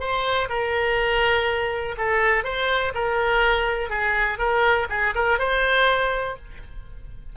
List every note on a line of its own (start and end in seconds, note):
0.00 0.49 C5
0.49 1.96 A#4
1.98 2.44 A4
2.44 2.93 C5
2.94 3.90 A#4
3.90 4.39 G#4
4.39 4.87 A#4
4.90 5.14 G#4
5.15 5.39 A#4
5.39 6.37 C5